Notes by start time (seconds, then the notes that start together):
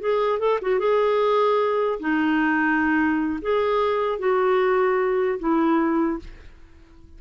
0.00 G#4
0.39 A4
0.62 F#4
0.79 G#4
1.99 D#4
3.42 G#4
4.19 F#4
5.39 E4